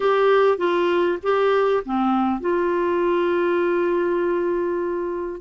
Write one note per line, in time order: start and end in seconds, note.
0.00 0.57 G4
0.57 1.18 F4
1.23 1.83 G4
1.85 2.40 C4
2.40 5.41 F4